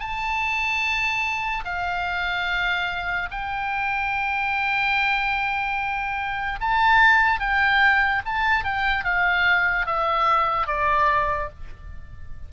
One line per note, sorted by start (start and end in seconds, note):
0.00 1.64 A5
1.65 3.29 F5
3.31 6.59 G5
6.61 7.40 A5
7.40 8.22 G5
8.25 8.64 A5
8.64 9.04 G5
9.04 9.86 F5
9.86 10.67 E5
10.67 11.49 D5